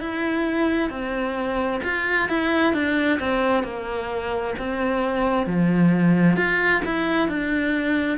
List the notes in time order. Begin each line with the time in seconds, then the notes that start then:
0.00 E4
0.90 C4
1.83 F4
2.29 E4
2.74 D4
3.20 C4
3.64 A#3
4.58 C4
5.46 F3
6.36 F4
6.85 E4
7.28 D4